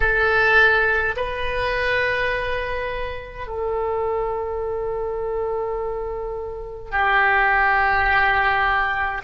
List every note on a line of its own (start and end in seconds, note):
0.00 1.15 A4
1.16 3.47 B4
3.47 6.91 A4
6.91 9.22 G4